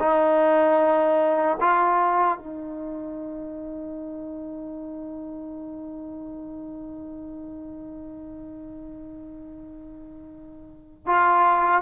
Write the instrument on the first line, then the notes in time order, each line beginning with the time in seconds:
trombone
0.00 D#4
1.61 F4
2.39 D#4
11.07 F4